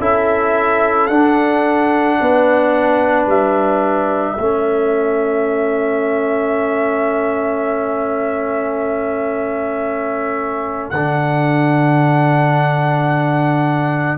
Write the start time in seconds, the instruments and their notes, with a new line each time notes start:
0.00 tuba C#4, trombone E4, horn A4, trumpet E5
1.07 tuba D4, trombone D4, trumpet F#5
2.19 tuba B3, horn B4
3.26 tuba G3, trumpet E5
4.35 tuba A3, trombone C#4, horn A4
10.90 tuba D3, trombone D4, trumpet F#5